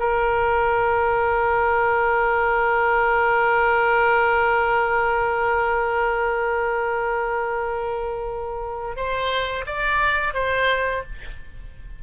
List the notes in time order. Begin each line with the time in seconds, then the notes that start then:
0.00 A#4
8.97 C5
9.67 D5
10.34 C5